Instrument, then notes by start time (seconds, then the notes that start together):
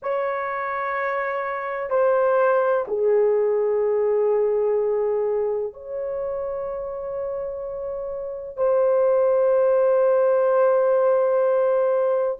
horn
0.02 C#5
1.90 C5
2.87 G#4
5.73 C#5
8.56 C5